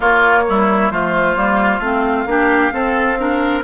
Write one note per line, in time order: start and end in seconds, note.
0.00 0.90 A#3
0.00 0.46 A#3
0.00 0.42 F4
0.00 0.90 C#5
0.48 0.91 G3
0.48 0.92 E4
0.90 1.35 F3
0.90 1.35 A3
0.90 2.28 F4
0.90 1.80 C5
1.35 1.79 G3
1.35 1.80 A#3
1.79 2.25 A3
1.79 2.27 C4
1.79 3.61 F5
2.26 2.71 A#3
2.26 2.71 D4
2.26 2.73 G4
2.71 3.17 C4
2.71 3.63 C4
2.71 3.18 A4
3.17 3.63 D4
3.17 3.63 A#4